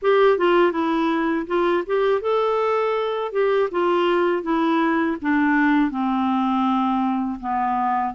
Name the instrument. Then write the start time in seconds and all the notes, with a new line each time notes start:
clarinet
0.02 G4
0.37 F4
0.72 E4
1.46 F4
1.86 G4
2.21 A4
3.32 G4
3.71 F4
4.42 E4
5.21 D4
5.91 C4
7.40 B3